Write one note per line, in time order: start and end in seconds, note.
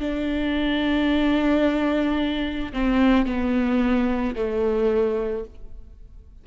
0.00 2.73 D4
2.73 3.26 C4
3.26 4.35 B3
4.35 5.44 A3